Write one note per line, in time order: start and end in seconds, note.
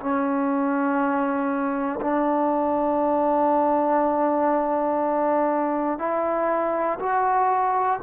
0.00 2.00 C#4
2.01 5.99 D4
5.99 6.99 E4
7.00 8.00 F#4